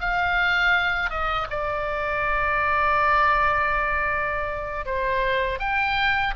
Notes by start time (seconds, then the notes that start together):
0.00 F5
1.10 D#5
1.50 D5
4.86 C5
5.59 G5